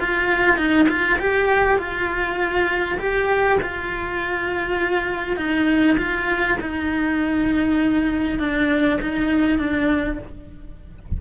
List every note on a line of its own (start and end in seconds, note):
0.00 0.57 F4
0.57 0.87 D#4
0.89 1.19 F4
1.19 1.78 G4
1.78 2.98 F4
2.99 3.59 G4
3.62 5.36 F4
5.36 5.96 D#4
5.98 6.58 F4
6.60 8.39 D#4
8.39 8.99 D4
9.01 9.58 D#4
9.58 10.18 D4